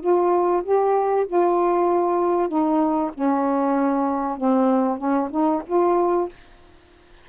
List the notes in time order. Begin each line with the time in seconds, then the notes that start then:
0.00 F4
0.63 G4
1.27 F4
2.48 D#4
3.14 C#4
4.37 C4
4.97 C#4
5.30 D#4
5.66 F4